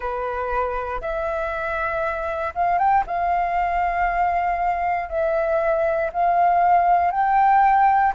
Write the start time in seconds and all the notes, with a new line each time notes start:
0.00 B4
1.01 E5
2.54 F5
2.78 G5
3.06 F5
5.09 E5
6.12 F5
7.11 G5